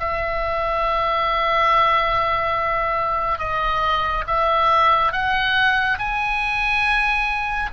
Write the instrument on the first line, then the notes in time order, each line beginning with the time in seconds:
oboe
0.00 E5
3.39 D#5
4.27 E5
5.13 F#5
5.99 G#5